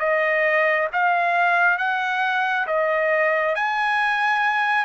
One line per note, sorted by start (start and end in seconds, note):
0.00 0.88 D#5
0.93 1.78 F5
1.78 2.66 F#5
2.67 3.55 D#5
3.55 4.85 G#5